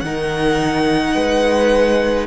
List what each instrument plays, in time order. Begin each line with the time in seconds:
0.00 cello D#3, viola D#4, violin A#4 F#5
1.15 cello G#3, violin B4